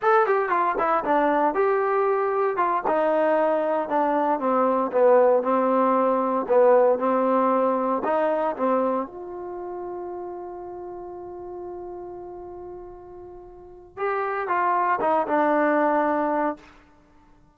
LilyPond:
\new Staff \with { instrumentName = "trombone" } { \time 4/4 \tempo 4 = 116 a'8 g'8 f'8 e'8 d'4 g'4~ | g'4 f'8 dis'2 d'8~ | d'8 c'4 b4 c'4.~ | c'8 b4 c'2 dis'8~ |
dis'8 c'4 f'2~ f'8~ | f'1~ | f'2. g'4 | f'4 dis'8 d'2~ d'8 | }